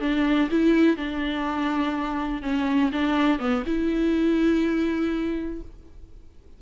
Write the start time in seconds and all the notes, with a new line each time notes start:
0.00 D4
0.50 E4
0.96 D4
2.42 C#4
2.92 D4
3.39 B3
3.66 E4